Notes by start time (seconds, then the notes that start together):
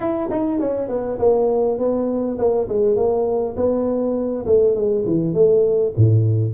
0.00 E4
0.30 D#4
0.59 C#4
0.88 B3
1.19 A#3
1.78 B3
2.38 A#3
2.68 G#3
2.96 A#3
3.56 B3
4.46 A3
4.75 G#3
5.06 E3
5.33 A3
5.96 A2